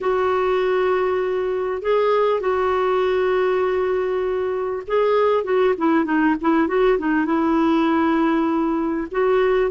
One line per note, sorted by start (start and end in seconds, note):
0.00 1.82 F#4
1.82 2.40 G#4
2.40 4.82 F#4
4.87 5.44 G#4
5.44 5.74 F#4
5.77 6.04 E4
6.04 6.35 D#4
6.41 6.67 E4
6.67 6.98 F#4
6.98 7.25 D#4
7.25 9.07 E4
9.11 9.70 F#4